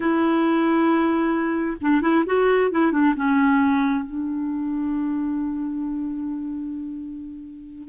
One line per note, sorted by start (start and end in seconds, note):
0.00 1.77 E4
1.81 2.01 D4
2.01 2.24 E4
2.26 2.71 F#4
2.71 2.92 E4
2.92 3.14 D4
3.16 4.05 C#4
4.05 7.88 D4